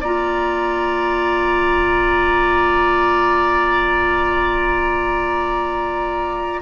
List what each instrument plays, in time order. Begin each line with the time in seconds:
0.00 bassoon A#3, clarinet F4, oboe D5, flute A#5